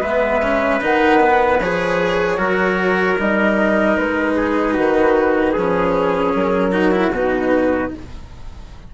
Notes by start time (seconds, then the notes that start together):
0.00 G#3 B3 B4 E5
0.42 C#4
0.81 D#3 D#4 F#5
1.20 B3
1.59 F3 G#4 C#5
2.37 F#3 F#4 A#4
3.18 G3 D#4 D#5
3.97 G#3 B4
4.36 G#4
4.73 D#3 F#4
5.53 F3 C#4 G#4
6.35 F#3 A#4
6.72 D#4 F#4
6.91 E4
7.11 B2 D#4 B4